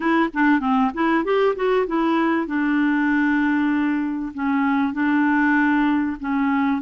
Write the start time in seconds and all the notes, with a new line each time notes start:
0.00 E4
0.33 D4
0.60 C4
0.94 E4
1.24 G4
1.55 F#4
1.86 E4
2.46 D4
4.34 C#4
4.93 D4
6.19 C#4